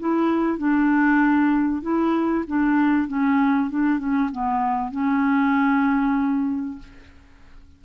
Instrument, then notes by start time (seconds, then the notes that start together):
clarinet
0.00 E4
0.58 D4
1.82 E4
2.47 D4
3.08 C#4
3.70 D4
3.99 C#4
4.32 B3
4.91 C#4